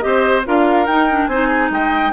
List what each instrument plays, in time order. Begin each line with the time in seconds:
0.00 bassoon C4, clarinet G4, flute D#5
0.06 oboe C5
0.45 bassoon D4, clarinet F4, oboe A#4, flute F5
0.87 bassoon D#4, clarinet D#4, flute G5
1.10 clarinet D4
1.28 bassoon C4, clarinet D#4, oboe C5, flute G#5
1.48 oboe G#4
1.70 bassoon G#3, oboe D#5, flute G5